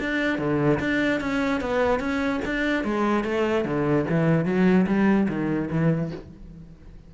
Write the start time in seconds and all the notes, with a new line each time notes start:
0.00 D4
0.39 D3
0.80 D4
1.21 C#4
1.61 B3
2.00 C#4
2.45 D4
2.84 G#3
3.24 A3
3.65 D3
4.09 E3
4.45 F#3
4.87 G3
5.28 D#3
5.70 E3